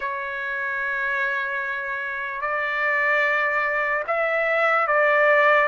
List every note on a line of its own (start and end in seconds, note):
0.00 2.41 C#5
2.41 4.03 D5
4.07 4.87 E5
4.87 5.68 D5